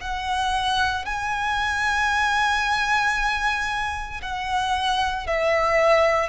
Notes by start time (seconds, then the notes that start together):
0.00 F#5
1.05 G#5
4.22 F#5
5.26 E5